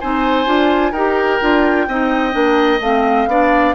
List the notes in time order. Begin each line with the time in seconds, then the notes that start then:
0.00 C4 D#4 C5 G#5
0.46 D4 F4
0.92 D#4 G4 A#4 G5
1.41 D4 F4
1.88 C4 D#4 D#5
2.32 A#3 D4
2.80 A3 C4 F5
3.27 B3 D4 D5